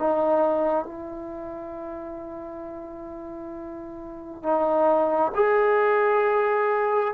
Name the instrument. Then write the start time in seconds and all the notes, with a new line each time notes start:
trombone
0.00 D#4
0.85 E4
4.43 D#4
5.35 G#4